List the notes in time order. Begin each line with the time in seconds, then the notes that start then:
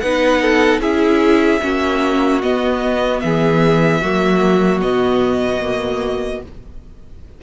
0.00 B3 D#4 B4 F#5
0.42 A4
0.79 C#4 E4 G#4 E5
1.61 A#3 C#4 F#4
2.43 B3 D#5
3.20 E3 G#4 E5
4.01 F#3 A#3 F#4
4.82 B2 B3 D#5
5.62 A#3